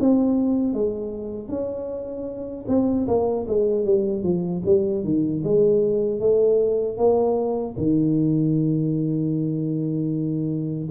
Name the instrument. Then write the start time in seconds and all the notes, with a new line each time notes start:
tuba
0.00 C4
0.74 G#3
1.49 C#4
2.68 C4
3.08 A#3
3.48 G#3
3.85 G3
4.23 F3
4.66 G3
5.04 D#3
5.44 G#3
6.20 A3
6.98 A#3
7.78 D#3